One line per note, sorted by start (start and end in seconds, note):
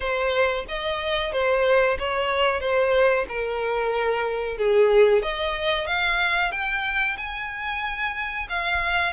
0.00 0.65 C5
0.68 1.32 D#5
1.32 1.97 C5
1.99 2.60 C#5
2.60 3.25 C5
3.28 4.57 A#4
4.57 5.22 G#4
5.22 5.86 D#5
5.86 6.51 F5
6.51 7.17 G5
7.17 8.47 G#5
8.49 9.12 F5